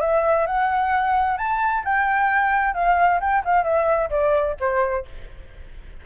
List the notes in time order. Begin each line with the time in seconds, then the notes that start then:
0.00 E5
0.46 F#5
1.37 A5
1.84 G5
2.74 F5
3.20 G5
3.45 F5
3.63 E5
4.10 D5
4.59 C5